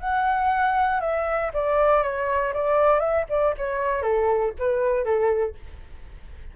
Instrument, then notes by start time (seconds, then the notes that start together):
flute
0.00 F#5
1.01 E5
1.54 D5
2.03 C#5
2.53 D5
3.00 E5
3.29 D5
3.58 C#5
4.02 A4
4.59 B4
5.04 A4